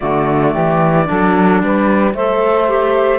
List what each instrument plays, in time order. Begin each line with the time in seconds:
0.00 cello D3, clarinet A3, saxophone F#4, flute D5
0.52 cello E3, saxophone G4
1.05 cello F#3, clarinet D4, saxophone A4
1.62 cello G3, saxophone B4
2.14 cello A3, clarinet A4, saxophone C5, flute E5
2.68 clarinet G4